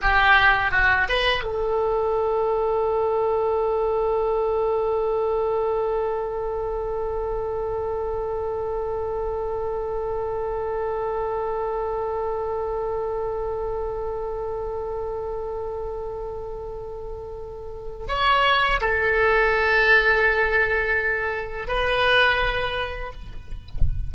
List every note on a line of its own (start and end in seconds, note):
0.01 0.71 G4
0.71 1.07 F#4
1.08 1.43 B4
1.43 18.06 A4
18.08 18.80 C#5
18.80 21.67 A4
21.67 23.12 B4